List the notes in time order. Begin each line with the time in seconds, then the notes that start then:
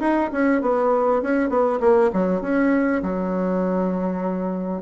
0.00 D#4
0.32 C#4
0.62 B3
1.22 C#4
1.49 B3
1.80 A#3
2.13 F#3
2.42 C#4
3.03 F#3